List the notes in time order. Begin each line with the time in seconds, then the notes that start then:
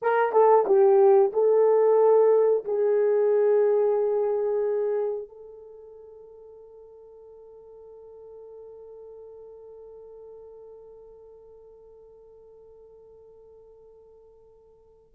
0.02 A#4
0.32 A4
0.66 G4
1.32 A4
2.65 G#4
5.28 A4